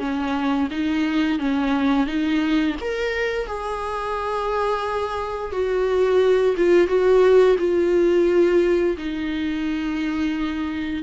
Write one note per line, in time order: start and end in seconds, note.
0.00 0.69 C#4
0.71 1.39 D#4
1.39 2.07 C#4
2.07 2.76 D#4
2.82 3.47 A#4
3.47 5.52 G#4
5.52 6.56 F#4
6.57 6.88 F4
6.88 7.57 F#4
7.59 8.97 F4
8.98 11.03 D#4